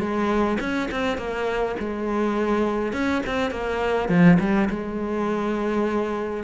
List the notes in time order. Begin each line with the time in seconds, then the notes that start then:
0.00 G#3
0.60 C#4
0.92 C4
1.18 A#3
1.80 G#3
2.93 C#4
3.26 C4
3.51 A#3
4.09 F3
4.40 G3
4.70 G#3